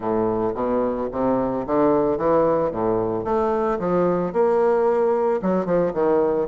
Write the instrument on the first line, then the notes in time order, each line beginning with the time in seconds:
bassoon
0.00 A2
0.54 B2
1.11 C3
1.66 D3
2.17 E3
2.71 A2
3.24 A3
3.79 F3
4.32 A#3
5.42 F#3
5.65 F3
5.93 D#3